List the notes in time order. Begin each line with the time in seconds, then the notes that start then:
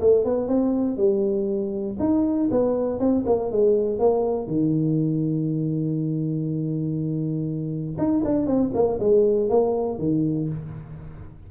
0.00 A3
0.25 B3
0.48 C4
0.97 G3
1.99 D#4
2.51 B3
2.99 C4
3.26 A#3
3.51 G#3
3.99 A#3
4.47 D#3
7.98 D#4
8.25 D4
8.47 C4
8.74 A#3
9.00 G#3
9.49 A#3
9.99 D#3